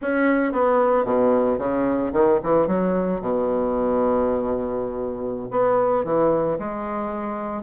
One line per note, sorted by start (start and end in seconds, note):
0.01 0.52 C#4
0.52 1.04 B3
1.04 1.58 B2
1.58 2.12 C#3
2.13 2.39 D#3
2.43 2.67 E3
2.67 3.20 F#3
3.20 5.48 B2
5.51 6.04 B3
6.04 6.58 E3
6.58 7.62 G#3